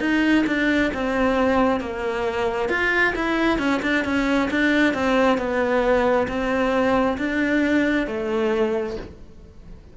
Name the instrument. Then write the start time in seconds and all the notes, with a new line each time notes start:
cello
0.00 D#4
0.47 D4
0.94 C4
1.81 A#3
2.69 F4
3.16 E4
3.59 C#4
3.83 D4
4.05 C#4
4.51 D4
4.95 C4
5.38 B3
6.28 C4
7.18 D4
8.08 A3